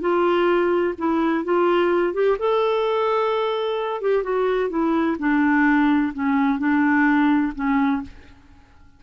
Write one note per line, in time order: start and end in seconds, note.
0.00 0.94 F4
0.98 1.44 E4
1.44 2.13 F4
2.13 2.37 G4
2.39 4.01 A4
4.01 4.23 G4
4.23 4.69 F#4
4.69 5.16 E4
5.19 6.12 D4
6.13 6.59 C#4
6.59 7.52 D4
7.55 8.02 C#4